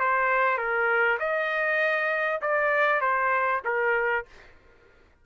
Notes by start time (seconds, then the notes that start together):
0.00 C5
0.58 A#4
1.20 D#5
2.42 D5
3.01 C5
3.65 A#4